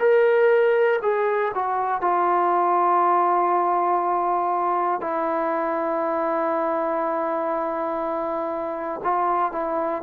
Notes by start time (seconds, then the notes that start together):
0.00 A#4
1.02 G#4
1.55 F#4
2.01 F4
5.01 E4
9.04 F4
9.52 E4